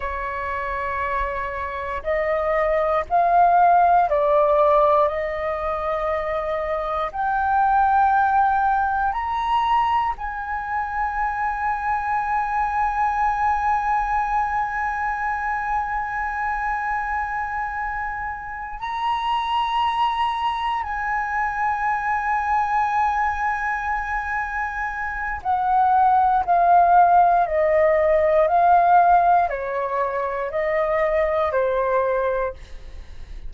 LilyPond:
\new Staff \with { instrumentName = "flute" } { \time 4/4 \tempo 4 = 59 cis''2 dis''4 f''4 | d''4 dis''2 g''4~ | g''4 ais''4 gis''2~ | gis''1~ |
gis''2~ gis''8 ais''4.~ | ais''8 gis''2.~ gis''8~ | gis''4 fis''4 f''4 dis''4 | f''4 cis''4 dis''4 c''4 | }